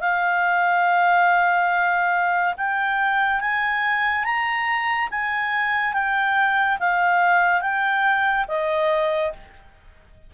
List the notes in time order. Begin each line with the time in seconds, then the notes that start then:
0.00 F5
2.57 G5
3.40 G#5
4.24 A#5
5.10 G#5
5.93 G5
6.79 F5
7.61 G5
8.48 D#5